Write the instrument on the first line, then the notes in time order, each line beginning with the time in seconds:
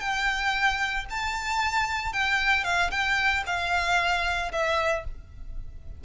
violin
0.00 G5
1.10 A5
2.13 G5
2.64 F5
2.91 G5
3.46 F5
4.52 E5